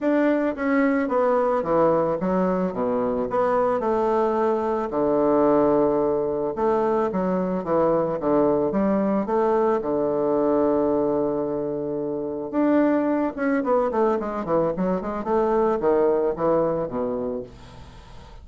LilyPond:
\new Staff \with { instrumentName = "bassoon" } { \time 4/4 \tempo 4 = 110 d'4 cis'4 b4 e4 | fis4 b,4 b4 a4~ | a4 d2. | a4 fis4 e4 d4 |
g4 a4 d2~ | d2. d'4~ | d'8 cis'8 b8 a8 gis8 e8 fis8 gis8 | a4 dis4 e4 b,4 | }